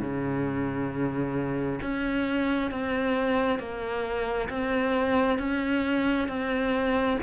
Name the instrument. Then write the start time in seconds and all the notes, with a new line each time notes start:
cello
0.00 C#3
1.81 C#4
2.71 C4
3.59 A#3
4.49 C4
5.38 C#4
6.28 C4